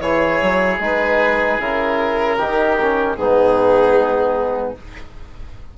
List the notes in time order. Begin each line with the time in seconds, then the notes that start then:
0.00 E3 E4 G#4 C#5
0.42 F#3
0.80 G#3 D#4 B4
1.59 C#3 E4 A#4
2.37 D#3 D#4 G4
2.81 C#4
3.15 G#2 B3 D#4 G#4